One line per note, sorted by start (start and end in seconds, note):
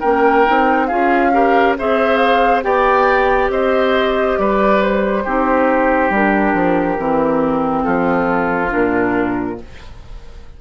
0.00 0.48 A#3
0.00 0.46 C#4
0.00 0.87 A#4
0.00 0.87 G5
0.46 0.91 C4
0.46 0.89 D#4
0.87 1.78 C#4
0.87 1.32 F4
0.87 1.31 G#4
0.87 1.74 F5
1.32 1.76 G4
1.32 1.77 A#4
1.78 2.64 C4
1.78 2.63 G#4
1.78 2.64 C5
1.78 2.17 E5
2.17 2.60 F5
2.63 3.49 B3
2.63 5.24 G4
2.63 3.51 D5
2.63 3.51 G5
3.49 4.36 C4
3.49 4.39 C5
3.49 4.38 D#5
4.38 5.25 G3
4.38 5.24 B4
4.38 4.82 D5
4.82 6.12 C5
5.24 6.10 C4
5.24 6.13 D#4
5.24 7.84 G4
6.10 6.53 G3
6.10 6.98 D4
6.10 7.83 A#4
6.54 6.97 F3
6.98 7.85 E3
6.98 8.68 C4
7.83 8.74 F3
7.83 9.58 F4
7.83 8.70 A4
8.68 9.61 A#2
8.68 9.55 D4
8.68 9.60 A#4